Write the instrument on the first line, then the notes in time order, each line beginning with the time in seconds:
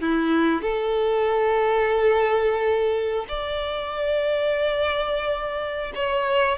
violin
0.00 E4
0.62 A4
3.28 D5
5.95 C#5